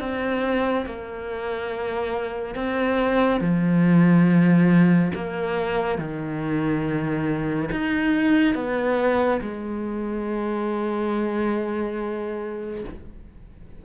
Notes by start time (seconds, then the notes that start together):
0.00 C4
0.86 A#3
2.55 C4
3.41 F3
5.15 A#3
5.98 D#3
7.71 D#4
8.55 B3
9.41 G#3